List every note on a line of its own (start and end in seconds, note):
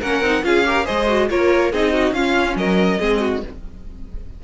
0.00 0.21 A#3
0.00 0.24 C#4
0.00 0.43 A#4
0.00 0.44 F#5
0.21 0.42 C4
0.21 0.43 D#4
0.43 0.87 C#4
0.43 0.64 F4
0.43 0.67 G#4
0.43 0.86 F5
0.65 0.86 G4
0.65 0.85 A#4
0.85 1.30 G#3
0.85 1.07 G#4
0.85 1.28 C5
0.85 1.29 D#5
1.08 1.29 F#4
1.29 1.73 A#3
1.29 1.72 F4
1.29 1.72 A#4
1.29 1.73 C#5
1.72 2.11 C4
1.72 2.16 D#4
1.72 1.93 G#4
1.72 2.13 D#5
1.93 2.15 F#4
2.11 2.54 C#4
2.11 3.00 C#4
2.11 2.58 F4
2.11 2.56 F5
2.55 2.98 F#3
2.55 3.00 A#4
2.55 3.43 D#5
3.00 3.43 G#3
3.00 3.43 C4
3.00 3.20 G#4
3.20 3.42 F#4